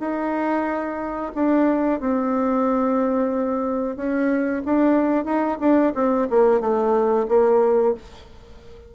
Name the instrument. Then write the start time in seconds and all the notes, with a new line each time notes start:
bassoon
0.00 D#4
1.35 D4
2.00 C4
3.96 C#4
4.65 D4
5.24 D#4
5.60 D4
5.94 C4
6.30 A#3
6.60 A3
7.28 A#3